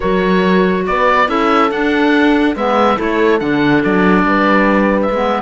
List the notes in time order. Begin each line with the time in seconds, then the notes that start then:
0.00 F#3 F#4 A#4 C#5
0.86 B3 B4 D5
1.27 C#4 E4 A4 E5
1.70 D4 F#5
2.55 G#3 B3 B4 E5
2.96 A3 E4 A4 C#5
3.39 D3 D4 F#5
3.84 F#3 D5
4.23 G3 B4
5.01 E5
5.10 G#3 B3